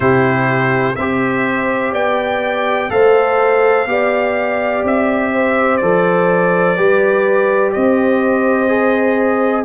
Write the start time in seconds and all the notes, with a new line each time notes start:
0.00 C3 E4 G4 C5
0.95 C4 G4 C5 E5
1.92 B3 D5 G5
2.89 A3 A4 C5 F5
3.86 B3 G4 D5
4.83 C4 E5
5.33 C5
5.77 F3 A4 D5
6.76 G3 G4 B4
7.72 C4 C5 D#5
8.68 G#4